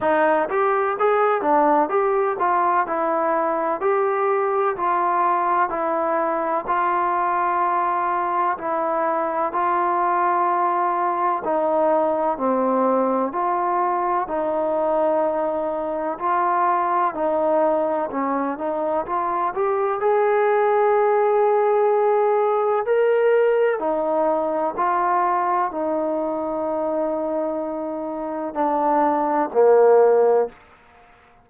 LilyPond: \new Staff \with { instrumentName = "trombone" } { \time 4/4 \tempo 4 = 63 dis'8 g'8 gis'8 d'8 g'8 f'8 e'4 | g'4 f'4 e'4 f'4~ | f'4 e'4 f'2 | dis'4 c'4 f'4 dis'4~ |
dis'4 f'4 dis'4 cis'8 dis'8 | f'8 g'8 gis'2. | ais'4 dis'4 f'4 dis'4~ | dis'2 d'4 ais4 | }